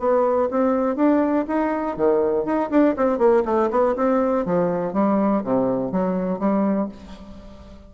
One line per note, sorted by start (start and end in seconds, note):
0.00 0.50 B3
0.51 0.96 C4
0.96 1.46 D4
1.48 1.97 D#4
1.97 2.45 D#3
2.45 2.70 D#4
2.70 2.95 D4
2.97 3.18 C4
3.18 3.43 A#3
3.46 3.70 A3
3.71 3.96 B3
3.96 4.46 C4
4.46 4.94 F3
4.94 5.43 G3
5.44 5.92 C3
5.92 6.39 F#3
6.39 6.89 G3